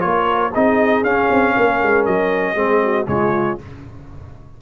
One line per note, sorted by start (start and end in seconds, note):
0.00 0.56 A#3
0.00 0.51 F4
0.00 0.53 A#4
0.00 0.52 C#5
0.53 1.03 C4
0.53 1.06 D#4
0.53 1.55 G#4
0.53 1.04 D#5
1.03 1.28 C#4
1.03 2.56 C#4
1.03 2.06 F5
1.31 1.56 C4
1.55 1.83 A#3
1.55 2.55 A#4
1.83 2.07 G#3
2.06 2.56 F#3
2.06 3.07 D#5
2.55 3.07 G#3
2.55 3.06 C4
2.55 2.80 G#4
2.83 3.09 F#4
3.08 3.59 C#3
3.08 3.59 G#3
3.08 3.62 F4
3.08 3.59 C#5